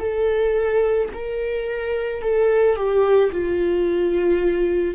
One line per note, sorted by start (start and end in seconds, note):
0.00 1.09 A4
1.14 2.23 A#4
2.23 2.76 A4
2.76 3.31 G4
3.32 4.95 F4